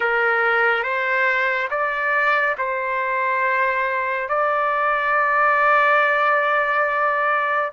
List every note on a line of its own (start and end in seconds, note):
0.00 0.83 A#4
0.83 1.69 C5
1.70 2.56 D5
2.58 4.28 C5
4.28 7.71 D5